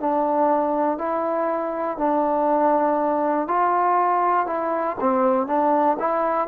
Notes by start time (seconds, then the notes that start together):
0.00 D4
0.98 E4
1.98 D4
3.47 F4
4.46 E4
5.00 C4
5.46 D4
5.99 E4